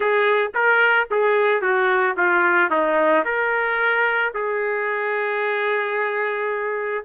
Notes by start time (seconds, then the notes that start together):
0.00 G#4
0.54 A#4
1.10 G#4
1.61 F#4
2.16 F4
2.70 D#4
3.24 A#4
4.34 G#4